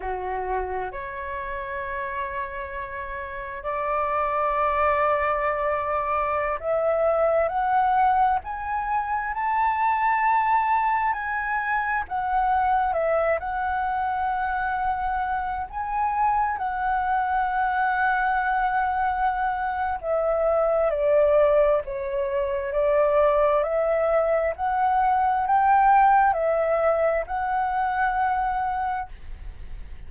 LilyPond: \new Staff \with { instrumentName = "flute" } { \time 4/4 \tempo 4 = 66 fis'4 cis''2. | d''2.~ d''16 e''8.~ | e''16 fis''4 gis''4 a''4.~ a''16~ | a''16 gis''4 fis''4 e''8 fis''4~ fis''16~ |
fis''4~ fis''16 gis''4 fis''4.~ fis''16~ | fis''2 e''4 d''4 | cis''4 d''4 e''4 fis''4 | g''4 e''4 fis''2 | }